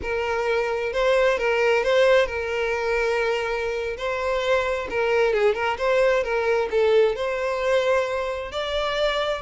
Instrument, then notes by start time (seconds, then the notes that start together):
violin
0.01 A#4
0.92 C5
1.38 A#4
1.83 C5
2.26 A#4
3.97 C5
4.90 A#4
5.33 G#4
5.54 A#4
5.78 C5
6.23 A#4
6.70 A4
7.15 C5
8.51 D5